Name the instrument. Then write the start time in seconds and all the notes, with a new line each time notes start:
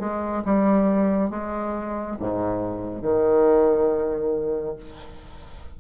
bassoon
0.00 G#3
0.45 G3
1.30 G#3
2.20 G#2
3.02 D#3